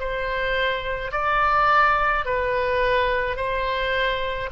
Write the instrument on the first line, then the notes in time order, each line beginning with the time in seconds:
oboe
0.00 C5
1.12 D5
2.25 B4
3.37 C5